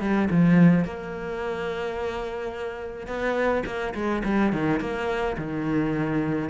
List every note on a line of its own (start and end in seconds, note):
0.00 0.28 G3
0.31 0.84 F3
0.84 3.07 A#3
3.07 3.63 B3
3.65 3.94 A#3
3.94 4.22 G#3
4.24 4.52 G3
4.52 4.80 D#3
4.80 5.36 A#3
5.37 6.49 D#3